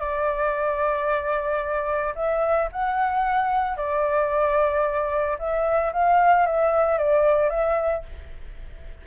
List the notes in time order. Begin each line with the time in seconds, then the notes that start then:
0.00 D5
2.16 E5
2.72 F#5
3.77 D5
5.39 E5
5.93 F5
6.46 E5
6.98 D5
7.50 E5